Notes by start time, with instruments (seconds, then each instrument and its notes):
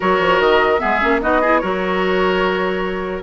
0.00 bassoon F#3, clarinet F#4, oboe A#4, flute C#5
0.19 bassoon F3
0.39 bassoon D#3, flute D#5
0.79 bassoon G#3, clarinet B3, oboe G#4, flute E5
1.00 bassoon A#3, clarinet C#4
1.21 bassoon B3, clarinet D#4, oboe F#4, flute D#5
1.41 clarinet E4, oboe G#4
1.58 bassoon F#3, clarinet F#4, oboe A#4, flute C#5